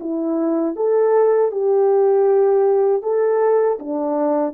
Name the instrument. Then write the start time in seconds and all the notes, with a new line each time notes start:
horn
0.00 E4
0.76 A4
1.52 G4
3.02 A4
3.79 D4